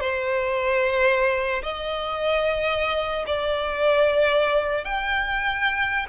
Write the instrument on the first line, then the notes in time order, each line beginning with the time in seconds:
violin
0.00 C5
1.63 D#5
3.27 D5
4.85 G5